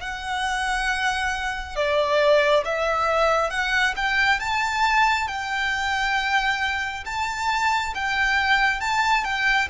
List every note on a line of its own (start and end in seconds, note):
0.00 1.76 F#5
1.76 2.64 D5
2.65 3.50 E5
3.50 3.94 F#5
3.96 4.40 G5
4.40 5.28 A5
5.28 7.04 G5
7.05 7.94 A5
7.95 8.80 G5
8.80 9.24 A5
9.24 9.68 G5